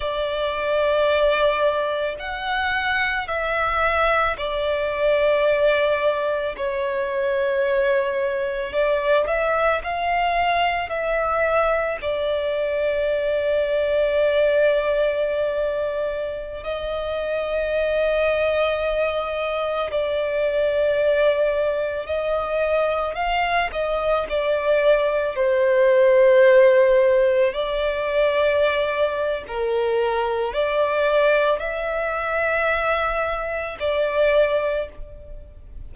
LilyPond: \new Staff \with { instrumentName = "violin" } { \time 4/4 \tempo 4 = 55 d''2 fis''4 e''4 | d''2 cis''2 | d''8 e''8 f''4 e''4 d''4~ | d''2.~ d''16 dis''8.~ |
dis''2~ dis''16 d''4.~ d''16~ | d''16 dis''4 f''8 dis''8 d''4 c''8.~ | c''4~ c''16 d''4.~ d''16 ais'4 | d''4 e''2 d''4 | }